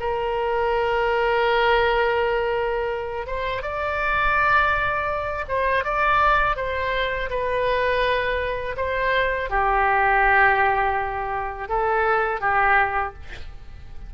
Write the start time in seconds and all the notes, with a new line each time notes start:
0.00 A#4
3.27 C5
3.63 D5
5.48 C5
5.85 D5
6.57 C5
7.30 B4
8.77 C5
9.50 G4
11.69 A4
12.41 G4